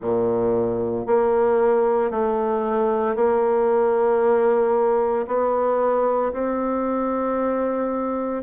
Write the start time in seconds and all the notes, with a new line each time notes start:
0.01 A#2
1.06 A#3
2.11 A3
3.15 A#3
5.27 B3
6.32 C4